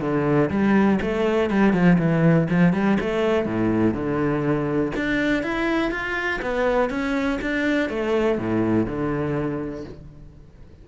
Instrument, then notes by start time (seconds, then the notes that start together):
cello
0.00 D3
0.50 G3
1.01 A3
1.50 G3
1.73 F3
1.98 E3
2.49 F3
2.73 G3
3.00 A3
3.45 A2
3.93 D3
4.95 D4
5.43 E4
5.90 F4
6.42 B3
6.89 C#4
7.41 D4
7.89 A3
8.38 A2
8.86 D3